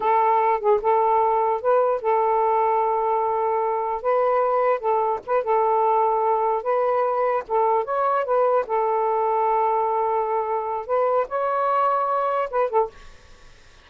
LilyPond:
\new Staff \with { instrumentName = "saxophone" } { \time 4/4 \tempo 4 = 149 a'4. gis'8 a'2 | b'4 a'2.~ | a'2 b'2 | a'4 b'8 a'2~ a'8~ |
a'8 b'2 a'4 cis''8~ | cis''8 b'4 a'2~ a'8~ | a'2. b'4 | cis''2. b'8 a'8 | }